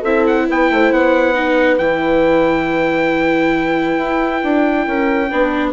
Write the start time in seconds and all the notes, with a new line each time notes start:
0.00 C4 E4 A4 E5
0.27 F#5
0.48 B3 B4 G5
0.70 A3 C5
0.91 B3 F#5
1.34 D#4 B4
1.77 E3 E4 G5
3.97 E4
4.43 D4
4.86 C#4 A#4
5.30 B3 D4 B4